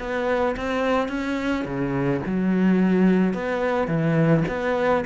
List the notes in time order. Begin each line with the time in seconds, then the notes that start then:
0.00 B3
0.57 C4
1.09 C#4
1.65 C#3
2.27 F#3
3.34 B3
3.88 E3
4.49 B3